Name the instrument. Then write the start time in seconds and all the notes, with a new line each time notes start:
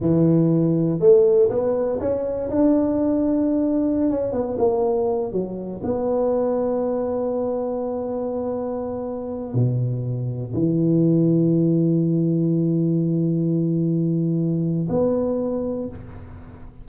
tuba
0.00 E3
0.99 A3
1.49 B3
2.00 C#4
2.50 D4
4.10 C#4
4.32 B3
4.58 A#3
5.31 F#3
5.83 B3
9.54 B2
10.54 E3
14.89 B3